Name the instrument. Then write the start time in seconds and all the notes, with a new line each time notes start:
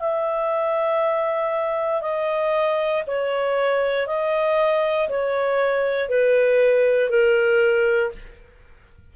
clarinet
0.00 E5
2.01 D#5
3.07 C#5
4.07 D#5
5.09 C#5
6.09 B4
7.10 A#4